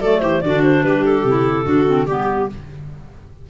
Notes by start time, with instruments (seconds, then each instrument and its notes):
0.00 tuba F#3, clarinet A3 D5, viola A4
0.20 tuba E3, viola G4, clarinet C5
0.41 tuba D3, clarinet D4 D5, viola F#4
0.63 clarinet C5
0.83 tuba G3, viola G4, clarinet B4
1.04 clarinet A4
1.23 tuba C3, clarinet E4
1.64 tuba D3, clarinet D4, viola F#4
1.85 clarinet C4
2.06 tuba G3, clarinet B3 G4, viola G4